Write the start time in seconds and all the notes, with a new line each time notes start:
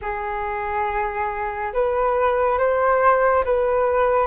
0.01 G#4
1.73 B4
2.58 C5
3.44 B4